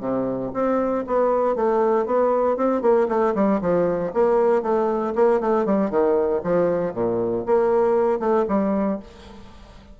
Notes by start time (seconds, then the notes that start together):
0.00 C3
0.54 C4
1.07 B3
1.55 A3
2.06 B3
2.57 C4
2.82 A#3
3.08 A3
3.35 G3
3.61 F3
4.14 A#3
4.62 A3
5.15 A#3
5.40 A3
5.65 G3
5.90 D#3
6.43 F3
6.93 A#2
7.46 A#3
8.19 A3
8.48 G3